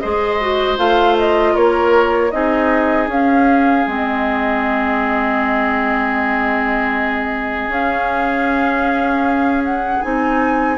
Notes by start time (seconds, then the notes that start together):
0.00 G#3 G#4 C5 D#5
0.41 F#4
0.76 A3 F4 F5
1.18 D#5
1.53 A#3 A#4 C#5
2.31 C4 D#4 G#4 D#5
3.07 C#4 F5
3.87 G#3 C4 D#5
7.68 C#4 F5
9.64 F#5
10.02 C4 D#4 G#5